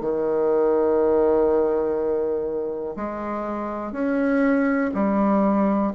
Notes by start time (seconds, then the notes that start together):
0.00 D#3
2.96 G#3
3.92 C#4
4.94 G3